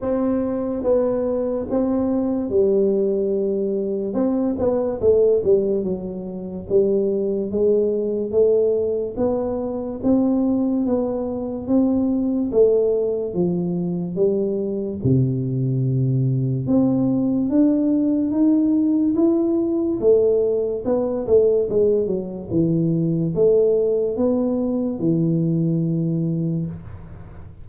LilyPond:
\new Staff \with { instrumentName = "tuba" } { \time 4/4 \tempo 4 = 72 c'4 b4 c'4 g4~ | g4 c'8 b8 a8 g8 fis4 | g4 gis4 a4 b4 | c'4 b4 c'4 a4 |
f4 g4 c2 | c'4 d'4 dis'4 e'4 | a4 b8 a8 gis8 fis8 e4 | a4 b4 e2 | }